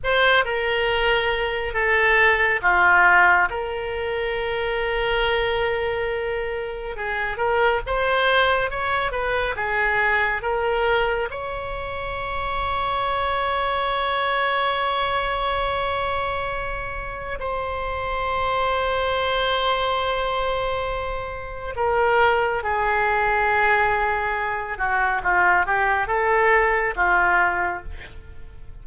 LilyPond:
\new Staff \with { instrumentName = "oboe" } { \time 4/4 \tempo 4 = 69 c''8 ais'4. a'4 f'4 | ais'1 | gis'8 ais'8 c''4 cis''8 b'8 gis'4 | ais'4 cis''2.~ |
cis''1 | c''1~ | c''4 ais'4 gis'2~ | gis'8 fis'8 f'8 g'8 a'4 f'4 | }